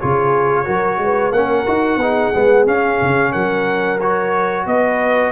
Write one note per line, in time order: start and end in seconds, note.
0.00 0.67 C#3
0.00 0.65 F4
0.00 0.65 G#4
0.00 1.32 C#5
0.65 0.98 F#3
0.65 1.32 F#4
0.65 0.99 A#4
0.98 1.32 G#3
0.98 1.34 B4
1.32 1.65 A#3
1.32 1.67 C#4
1.32 2.00 A#4
1.32 2.66 F#5
1.67 1.97 D#4
1.67 2.00 F#4
1.97 2.30 B3
1.97 2.34 D#4
1.97 3.31 G#4
2.34 2.67 G#3
2.34 2.67 B3
2.67 3.00 C#4
2.67 4.00 C#4
2.67 3.33 F5
3.02 3.35 C#3
3.31 4.66 F#3
3.31 4.65 A#4
3.31 3.99 F#5
4.00 5.32 F#4
4.00 4.67 C#5
4.66 5.32 B3
4.66 5.32 B4
4.66 5.32 D#5